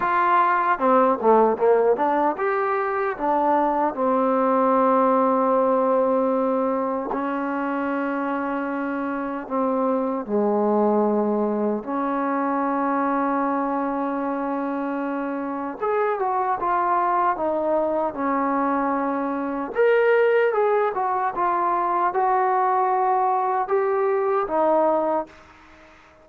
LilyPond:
\new Staff \with { instrumentName = "trombone" } { \time 4/4 \tempo 4 = 76 f'4 c'8 a8 ais8 d'8 g'4 | d'4 c'2.~ | c'4 cis'2. | c'4 gis2 cis'4~ |
cis'1 | gis'8 fis'8 f'4 dis'4 cis'4~ | cis'4 ais'4 gis'8 fis'8 f'4 | fis'2 g'4 dis'4 | }